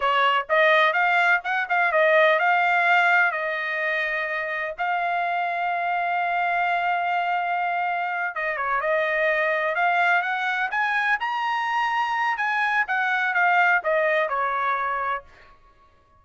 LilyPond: \new Staff \with { instrumentName = "trumpet" } { \time 4/4 \tempo 4 = 126 cis''4 dis''4 f''4 fis''8 f''8 | dis''4 f''2 dis''4~ | dis''2 f''2~ | f''1~ |
f''4. dis''8 cis''8 dis''4.~ | dis''8 f''4 fis''4 gis''4 ais''8~ | ais''2 gis''4 fis''4 | f''4 dis''4 cis''2 | }